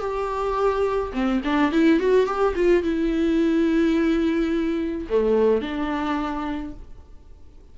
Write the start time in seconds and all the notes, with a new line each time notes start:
0.00 G4
1.13 C4
1.44 D4
1.72 E4
2.00 F#4
2.26 G4
2.55 F4
2.83 E4
5.09 A3
5.61 D4